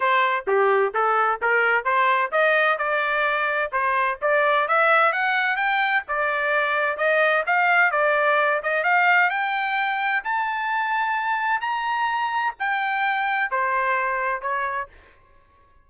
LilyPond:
\new Staff \with { instrumentName = "trumpet" } { \time 4/4 \tempo 4 = 129 c''4 g'4 a'4 ais'4 | c''4 dis''4 d''2 | c''4 d''4 e''4 fis''4 | g''4 d''2 dis''4 |
f''4 d''4. dis''8 f''4 | g''2 a''2~ | a''4 ais''2 g''4~ | g''4 c''2 cis''4 | }